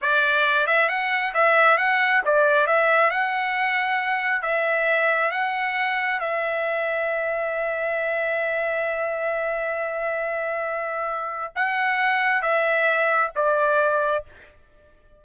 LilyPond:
\new Staff \with { instrumentName = "trumpet" } { \time 4/4 \tempo 4 = 135 d''4. e''8 fis''4 e''4 | fis''4 d''4 e''4 fis''4~ | fis''2 e''2 | fis''2 e''2~ |
e''1~ | e''1~ | e''2 fis''2 | e''2 d''2 | }